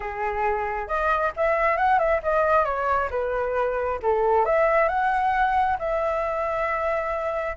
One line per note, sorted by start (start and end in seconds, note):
0.00 0.87 G#4
0.87 1.32 D#5
1.36 1.77 E5
1.77 1.98 F#5
1.98 2.21 E5
2.22 2.64 D#5
2.64 3.09 C#5
3.10 3.99 B4
4.02 4.45 A4
4.45 4.88 E5
4.88 5.77 F#5
5.79 7.56 E5